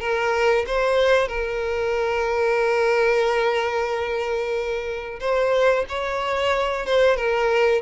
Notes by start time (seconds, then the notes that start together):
0.00 A#4
0.67 C5
1.28 A#4
5.20 C5
5.89 C#5
6.86 C5
7.16 A#4